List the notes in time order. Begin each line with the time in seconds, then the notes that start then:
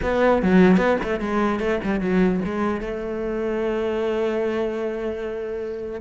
0.02 B3
0.42 F#3
0.77 B3
1.03 A3
1.20 G#3
1.59 A3
1.83 G3
2.00 F#3
2.44 G#3
2.80 A3